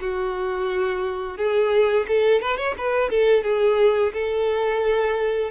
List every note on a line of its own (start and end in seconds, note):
0.00 1.37 F#4
1.37 2.06 G#4
2.08 2.41 A4
2.41 2.56 B4
2.56 2.74 C#5
2.77 3.09 B4
3.09 3.43 A4
3.43 4.12 G#4
4.13 5.50 A4